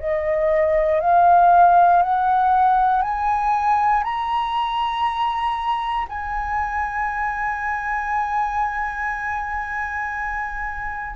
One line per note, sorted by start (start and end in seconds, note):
0.00 1.01 D#5
1.01 2.02 F5
2.03 3.02 F#5
3.02 4.04 G#5
4.04 6.07 A#5
6.09 11.16 G#5